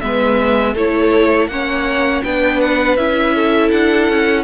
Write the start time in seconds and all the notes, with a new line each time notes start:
0.00 G#3 B3 B4 E5
0.74 A3 E4 A4 C#5
1.48 A#3 C#4 C#5 F#5
2.24 B3 D4 B4 G5
2.61 F#5
2.97 C#4 E4 E5
3.35 A4
3.71 D4 F#5
4.09 C#4